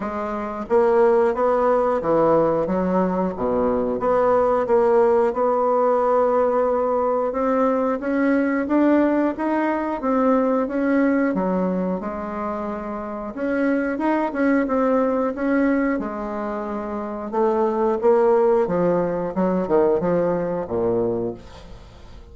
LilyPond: \new Staff \with { instrumentName = "bassoon" } { \time 4/4 \tempo 4 = 90 gis4 ais4 b4 e4 | fis4 b,4 b4 ais4 | b2. c'4 | cis'4 d'4 dis'4 c'4 |
cis'4 fis4 gis2 | cis'4 dis'8 cis'8 c'4 cis'4 | gis2 a4 ais4 | f4 fis8 dis8 f4 ais,4 | }